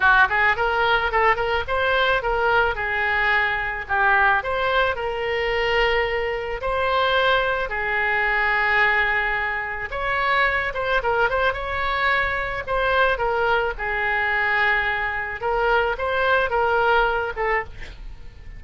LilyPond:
\new Staff \with { instrumentName = "oboe" } { \time 4/4 \tempo 4 = 109 fis'8 gis'8 ais'4 a'8 ais'8 c''4 | ais'4 gis'2 g'4 | c''4 ais'2. | c''2 gis'2~ |
gis'2 cis''4. c''8 | ais'8 c''8 cis''2 c''4 | ais'4 gis'2. | ais'4 c''4 ais'4. a'8 | }